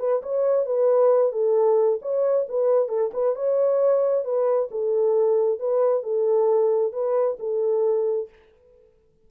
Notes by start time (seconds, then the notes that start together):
0.00 B4
0.23 C#5
0.66 B4
1.33 A4
2.02 C#5
2.49 B4
2.89 A4
3.14 B4
3.36 C#5
4.25 B4
4.72 A4
5.60 B4
6.03 A4
6.93 B4
7.40 A4